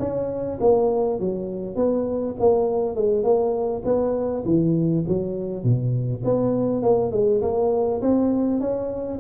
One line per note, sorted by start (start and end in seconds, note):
0.00 0.59 C#4
0.61 1.20 A#3
1.20 1.76 F#3
1.76 2.35 B3
2.40 2.96 A#3
2.96 3.24 G#3
3.24 3.83 A#3
3.85 4.44 B3
4.46 5.05 E3
5.08 5.64 F#3
5.64 6.23 B2
6.25 6.83 B3
6.83 7.12 A#3
7.12 7.42 G#3
7.42 8.01 A#3
8.02 8.61 C4
8.61 9.20 C#4